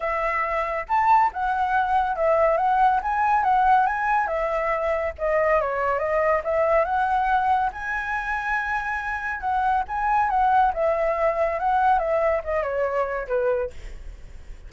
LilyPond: \new Staff \with { instrumentName = "flute" } { \time 4/4 \tempo 4 = 140 e''2 a''4 fis''4~ | fis''4 e''4 fis''4 gis''4 | fis''4 gis''4 e''2 | dis''4 cis''4 dis''4 e''4 |
fis''2 gis''2~ | gis''2 fis''4 gis''4 | fis''4 e''2 fis''4 | e''4 dis''8 cis''4. b'4 | }